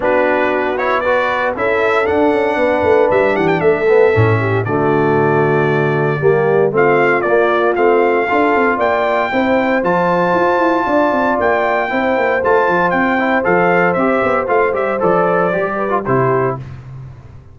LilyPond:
<<
  \new Staff \with { instrumentName = "trumpet" } { \time 4/4 \tempo 4 = 116 b'4. cis''8 d''4 e''4 | fis''2 e''8 fis''16 g''16 e''4~ | e''4 d''2.~ | d''4 f''4 d''4 f''4~ |
f''4 g''2 a''4~ | a''2 g''2 | a''4 g''4 f''4 e''4 | f''8 e''8 d''2 c''4 | }
  \new Staff \with { instrumentName = "horn" } { \time 4/4 fis'2 b'4 a'4~ | a'4 b'4. g'8 a'4~ | a'8 g'8 fis'2. | g'4 f'2. |
a'4 d''4 c''2~ | c''4 d''2 c''4~ | c''1~ | c''2~ c''8 b'8 g'4 | }
  \new Staff \with { instrumentName = "trombone" } { \time 4/4 d'4. e'8 fis'4 e'4 | d'2.~ d'8 b8 | cis'4 a2. | ais4 c'4 ais4 c'4 |
f'2 e'4 f'4~ | f'2. e'4 | f'4. e'8 a'4 g'4 | f'8 g'8 a'4 g'8. f'16 e'4 | }
  \new Staff \with { instrumentName = "tuba" } { \time 4/4 b2. cis'4 | d'8 cis'8 b8 a8 g8 e8 a4 | a,4 d2. | g4 a4 ais4 a4 |
d'8 c'8 ais4 c'4 f4 | f'8 e'8 d'8 c'8 ais4 c'8 ais8 | a8 f8 c'4 f4 c'8 b8 | a8 g8 f4 g4 c4 | }
>>